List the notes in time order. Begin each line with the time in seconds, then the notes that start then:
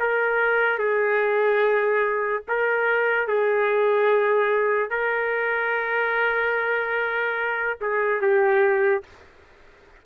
0.00 A#4
0.79 G#4
2.48 A#4
3.28 G#4
4.91 A#4
7.81 G#4
8.22 G4